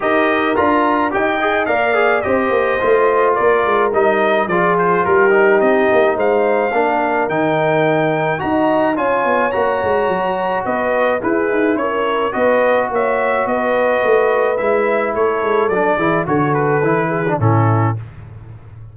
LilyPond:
<<
  \new Staff \with { instrumentName = "trumpet" } { \time 4/4 \tempo 4 = 107 dis''4 ais''4 g''4 f''4 | dis''2 d''4 dis''4 | d''8 c''8 ais'4 dis''4 f''4~ | f''4 g''2 ais''4 |
gis''4 ais''2 dis''4 | b'4 cis''4 dis''4 e''4 | dis''2 e''4 cis''4 | d''4 cis''8 b'4. a'4 | }
  \new Staff \with { instrumentName = "horn" } { \time 4/4 ais'2 dis''4 d''4 | c''2 ais'2 | gis'4 g'2 c''4 | ais'2. dis''4 |
cis''2. b'4 | gis'4 ais'4 b'4 cis''4 | b'2. a'4~ | a'8 gis'8 a'4. gis'8 e'4 | }
  \new Staff \with { instrumentName = "trombone" } { \time 4/4 g'4 f'4 g'8 gis'8 ais'8 gis'8 | g'4 f'2 dis'4 | f'4. dis'2~ dis'8 | d'4 dis'2 fis'4 |
f'4 fis'2. | e'2 fis'2~ | fis'2 e'2 | d'8 e'8 fis'4 e'8. d'16 cis'4 | }
  \new Staff \with { instrumentName = "tuba" } { \time 4/4 dis'4 d'4 dis'4 ais4 | c'8 ais8 a4 ais8 gis8 g4 | f4 g4 c'8 ais8 gis4 | ais4 dis2 dis'4 |
cis'8 b8 ais8 gis8 fis4 b4 | e'8 dis'8 cis'4 b4 ais4 | b4 a4 gis4 a8 gis8 | fis8 e8 d4 e4 a,4 | }
>>